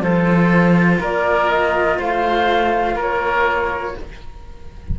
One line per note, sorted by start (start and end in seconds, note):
0.00 0.98 F3
0.00 3.96 F4
0.00 1.00 A4
0.00 1.01 C5
1.00 1.98 A#3
1.00 1.98 A#4
1.00 1.50 D5
1.50 1.99 D#5
1.98 2.95 A3
1.98 2.95 C5
1.98 2.99 F5
2.95 3.94 A#3
2.95 3.93 A#4
2.95 3.99 C#5